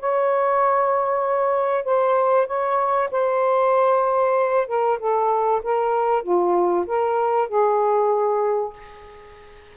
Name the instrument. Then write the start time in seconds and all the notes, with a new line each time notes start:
saxophone
0.00 C#5
1.85 C5
2.47 C#5
3.12 C5
4.68 A#4
5.00 A4
5.63 A#4
6.23 F4
6.87 A#4
7.49 G#4